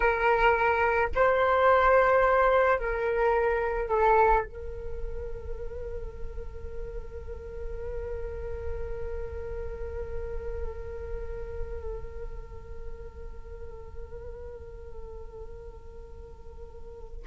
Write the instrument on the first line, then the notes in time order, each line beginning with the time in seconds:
flute
0.00 A#4
1.15 C5
2.78 A#4
3.88 A4
4.44 A#4